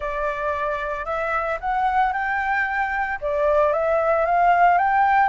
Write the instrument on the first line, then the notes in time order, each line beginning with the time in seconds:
flute
0.00 D5
1.05 E5
1.60 F#5
2.12 G5
3.21 D5
3.72 E5
4.25 F5
4.78 G5